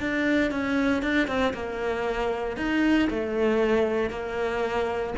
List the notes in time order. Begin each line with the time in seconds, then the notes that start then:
0.00 D4
0.51 C#4
1.03 D4
1.27 C4
1.54 A#3
2.57 D#4
3.10 A3
4.10 A#3